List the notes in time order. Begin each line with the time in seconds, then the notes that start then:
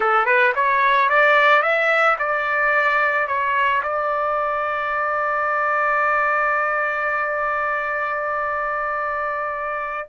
0.00 A4
0.25 B4
0.55 C#5
1.09 D5
1.62 E5
2.18 D5
3.27 C#5
3.82 D5